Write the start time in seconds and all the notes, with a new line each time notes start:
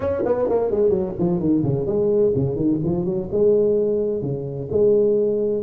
0.00 C#4
0.25 B3
0.49 A#3
0.71 G#3
0.89 F#3
1.18 F3
1.39 D#3
1.63 C#3
1.86 G#3
2.35 C#3
2.56 D#3
2.84 F3
3.05 F#3
3.31 G#3
4.21 C#3
4.71 G#3